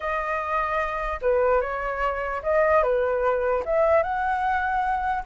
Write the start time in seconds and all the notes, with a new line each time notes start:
0.00 D#5
1.21 B4
1.61 C#5
2.42 D#5
2.83 B4
3.65 E5
4.02 F#5